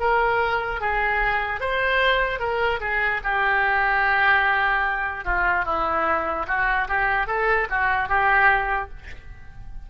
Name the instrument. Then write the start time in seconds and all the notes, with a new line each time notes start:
oboe
0.00 A#4
0.81 G#4
1.60 C5
2.39 A#4
2.80 G#4
3.24 G4
5.25 F4
5.65 E4
6.48 F#4
6.88 G4
7.27 A4
7.70 F#4
8.09 G4